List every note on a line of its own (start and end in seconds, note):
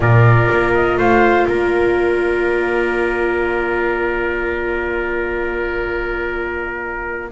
0.00 0.48 A#2
0.00 7.30 F4
0.00 0.97 A#4
0.00 0.73 D5
0.51 0.97 A#3
0.74 0.98 D#5
0.97 1.45 A3
0.97 1.46 C5
0.97 1.47 F5
1.46 7.31 A#3
1.46 7.31 A#4
1.46 7.31 D5